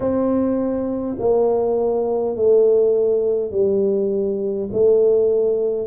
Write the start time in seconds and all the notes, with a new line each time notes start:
0.00 C4
1.19 A#3
2.35 A3
3.51 G3
4.72 A3